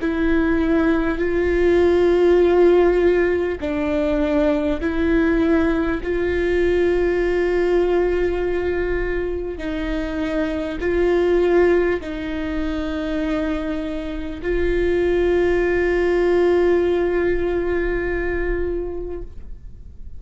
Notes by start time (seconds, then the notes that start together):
0.00 E4
1.18 F4
3.60 D4
4.81 E4
6.02 F4
9.58 D#4
10.80 F4
12.01 D#4
14.42 F4